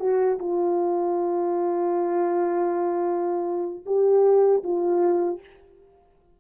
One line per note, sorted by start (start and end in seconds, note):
0.00 0.38 F#4
0.39 3.85 F4
3.86 4.63 G4
4.63 5.40 F4